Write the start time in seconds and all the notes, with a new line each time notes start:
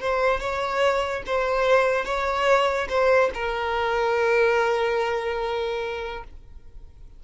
0.00 C5
0.40 C#5
1.26 C5
2.05 C#5
2.89 C5
3.34 A#4